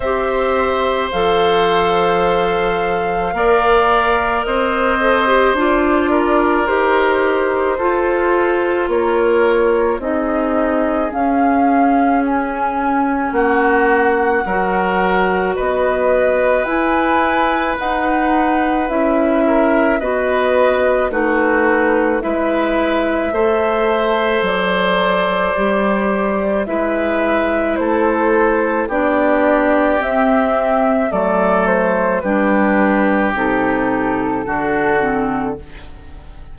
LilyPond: <<
  \new Staff \with { instrumentName = "flute" } { \time 4/4 \tempo 4 = 54 e''4 f''2. | dis''4 d''4 c''2 | cis''4 dis''4 f''4 gis''4 | fis''2 dis''4 gis''4 |
fis''4 e''4 dis''4 b'4 | e''2 d''2 | e''4 c''4 d''4 e''4 | d''8 c''8 b'4 a'2 | }
  \new Staff \with { instrumentName = "oboe" } { \time 4/4 c''2. d''4 | c''4. ais'4. a'4 | ais'4 gis'2. | fis'4 ais'4 b'2~ |
b'4. ais'8 b'4 fis'4 | b'4 c''2. | b'4 a'4 g'2 | a'4 g'2 fis'4 | }
  \new Staff \with { instrumentName = "clarinet" } { \time 4/4 g'4 a'2 ais'4~ | ais'8 a'16 g'16 f'4 g'4 f'4~ | f'4 dis'4 cis'2~ | cis'4 fis'2 e'4 |
dis'4 e'4 fis'4 dis'4 | e'4 a'2 g'4 | e'2 d'4 c'4 | a4 d'4 dis'4 d'8 c'8 | }
  \new Staff \with { instrumentName = "bassoon" } { \time 4/4 c'4 f2 ais4 | c'4 d'4 dis'4 f'4 | ais4 c'4 cis'2 | ais4 fis4 b4 e'4 |
dis'4 cis'4 b4 a4 | gis4 a4 fis4 g4 | gis4 a4 b4 c'4 | fis4 g4 c4 d4 | }
>>